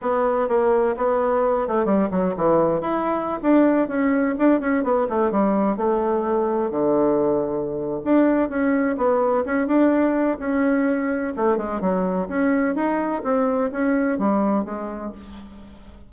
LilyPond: \new Staff \with { instrumentName = "bassoon" } { \time 4/4 \tempo 4 = 127 b4 ais4 b4. a8 | g8 fis8 e4 e'4~ e'16 d'8.~ | d'16 cis'4 d'8 cis'8 b8 a8 g8.~ | g16 a2 d4.~ d16~ |
d4 d'4 cis'4 b4 | cis'8 d'4. cis'2 | a8 gis8 fis4 cis'4 dis'4 | c'4 cis'4 g4 gis4 | }